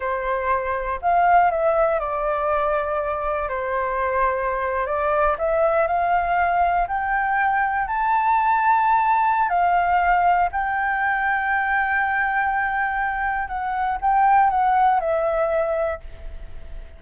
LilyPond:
\new Staff \with { instrumentName = "flute" } { \time 4/4 \tempo 4 = 120 c''2 f''4 e''4 | d''2. c''4~ | c''4.~ c''16 d''4 e''4 f''16~ | f''4.~ f''16 g''2 a''16~ |
a''2. f''4~ | f''4 g''2.~ | g''2. fis''4 | g''4 fis''4 e''2 | }